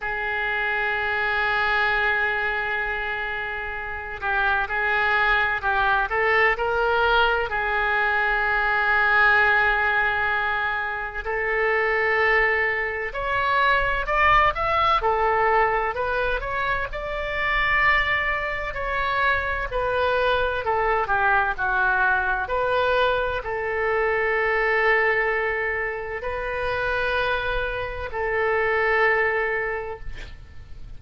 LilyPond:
\new Staff \with { instrumentName = "oboe" } { \time 4/4 \tempo 4 = 64 gis'1~ | gis'8 g'8 gis'4 g'8 a'8 ais'4 | gis'1 | a'2 cis''4 d''8 e''8 |
a'4 b'8 cis''8 d''2 | cis''4 b'4 a'8 g'8 fis'4 | b'4 a'2. | b'2 a'2 | }